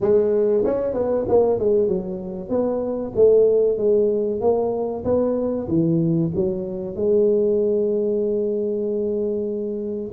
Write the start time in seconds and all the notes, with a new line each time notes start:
0.00 G#3
0.64 C#4
0.93 B3
1.28 A#3
1.59 G#3
1.88 F#3
2.49 B3
3.16 A3
3.77 G#3
4.40 A#3
5.04 B3
5.68 E3
6.35 F#3
6.95 G#3